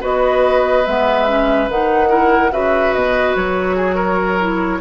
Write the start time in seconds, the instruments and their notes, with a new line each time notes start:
0.00 bassoon B3, clarinet F#4, oboe B4, flute D#5
0.86 bassoon G#3, clarinet B3, flute E5
1.27 clarinet C#4
1.68 bassoon D#3, clarinet D#4, flute F#5
2.09 clarinet E4, oboe A#4
2.51 bassoon C#3, clarinet F#4, oboe B4, flute E5
2.93 bassoon B2, flute D#5
3.35 bassoon F#3, flute C#5
3.76 oboe G#4
3.95 oboe A#4
4.39 clarinet E4